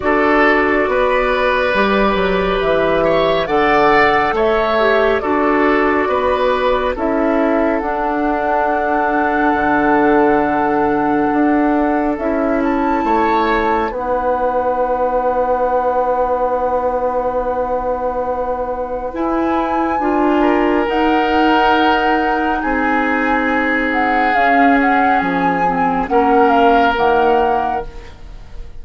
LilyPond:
<<
  \new Staff \with { instrumentName = "flute" } { \time 4/4 \tempo 4 = 69 d''2. e''4 | fis''4 e''4 d''2 | e''4 fis''2.~ | fis''2 e''8 a''4. |
fis''1~ | fis''2 gis''2 | fis''2 gis''4. fis''8 | f''8 fis''8 gis''4 fis''8 f''8 fis''4 | }
  \new Staff \with { instrumentName = "oboe" } { \time 4/4 a'4 b'2~ b'8 cis''8 | d''4 cis''4 a'4 b'4 | a'1~ | a'2. cis''4 |
b'1~ | b'2.~ b'8 ais'8~ | ais'2 gis'2~ | gis'2 ais'2 | }
  \new Staff \with { instrumentName = "clarinet" } { \time 4/4 fis'2 g'2 | a'4. g'8 fis'2 | e'4 d'2.~ | d'2 e'2 |
dis'1~ | dis'2 e'4 f'4 | dis'1 | cis'4. c'8 cis'4 ais4 | }
  \new Staff \with { instrumentName = "bassoon" } { \time 4/4 d'4 b4 g8 fis8 e4 | d4 a4 d'4 b4 | cis'4 d'2 d4~ | d4 d'4 cis'4 a4 |
b1~ | b2 e'4 d'4 | dis'2 c'2 | cis'4 f4 ais4 dis4 | }
>>